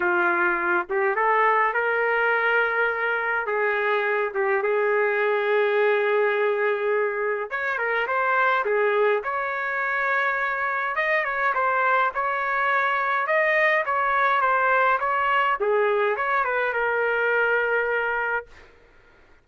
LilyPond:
\new Staff \with { instrumentName = "trumpet" } { \time 4/4 \tempo 4 = 104 f'4. g'8 a'4 ais'4~ | ais'2 gis'4. g'8 | gis'1~ | gis'4 cis''8 ais'8 c''4 gis'4 |
cis''2. dis''8 cis''8 | c''4 cis''2 dis''4 | cis''4 c''4 cis''4 gis'4 | cis''8 b'8 ais'2. | }